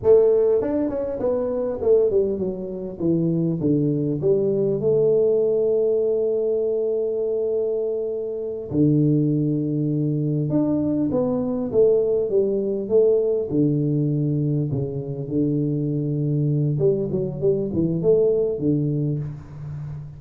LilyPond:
\new Staff \with { instrumentName = "tuba" } { \time 4/4 \tempo 4 = 100 a4 d'8 cis'8 b4 a8 g8 | fis4 e4 d4 g4 | a1~ | a2~ a8 d4.~ |
d4. d'4 b4 a8~ | a8 g4 a4 d4.~ | d8 cis4 d2~ d8 | g8 fis8 g8 e8 a4 d4 | }